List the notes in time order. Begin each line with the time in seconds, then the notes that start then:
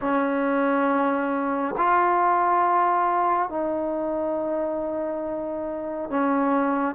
0.01 C#4
1.77 F4
3.49 D#4
6.09 C#4